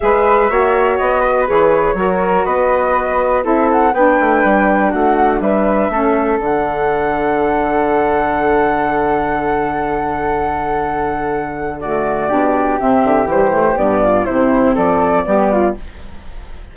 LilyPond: <<
  \new Staff \with { instrumentName = "flute" } { \time 4/4 \tempo 4 = 122 e''2 dis''4 cis''4~ | cis''4 dis''2 e''8 fis''8 | g''2 fis''4 e''4~ | e''4 fis''2.~ |
fis''1~ | fis''1 | d''2 e''4 c''4 | d''4 c''4 d''2 | }
  \new Staff \with { instrumentName = "flute" } { \time 4/4 b'4 cis''4. b'4. | ais'4 b'2 a'4 | b'2 fis'4 b'4 | a'1~ |
a'1~ | a'1 | fis'4 g'2.~ | g'8 f'8 e'4 a'4 g'8 f'8 | }
  \new Staff \with { instrumentName = "saxophone" } { \time 4/4 gis'4 fis'2 gis'4 | fis'2. e'4 | d'1 | cis'4 d'2.~ |
d'1~ | d'1 | a4 d'4 c'4 g8 a8 | b4 c'2 b4 | }
  \new Staff \with { instrumentName = "bassoon" } { \time 4/4 gis4 ais4 b4 e4 | fis4 b2 c'4 | b8 a8 g4 a4 g4 | a4 d2.~ |
d1~ | d1~ | d4 b,4 c8 d8 e4 | g,4 c4 f4 g4 | }
>>